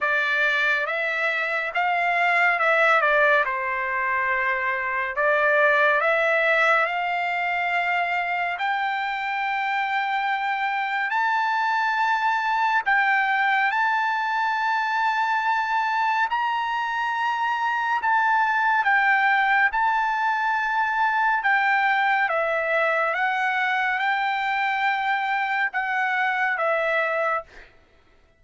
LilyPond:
\new Staff \with { instrumentName = "trumpet" } { \time 4/4 \tempo 4 = 70 d''4 e''4 f''4 e''8 d''8 | c''2 d''4 e''4 | f''2 g''2~ | g''4 a''2 g''4 |
a''2. ais''4~ | ais''4 a''4 g''4 a''4~ | a''4 g''4 e''4 fis''4 | g''2 fis''4 e''4 | }